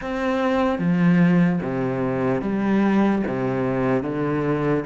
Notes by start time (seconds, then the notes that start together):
0.01 C4
0.78 F3
1.61 C3
2.41 G3
3.27 C3
4.02 D3